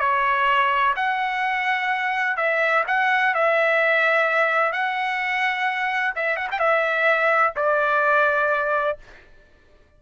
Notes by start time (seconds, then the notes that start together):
0.00 C#5
0.96 F#5
2.37 E5
2.88 F#5
3.35 E5
4.72 F#5
6.16 E5
6.37 F#5
6.52 G5
6.59 E5
7.57 D5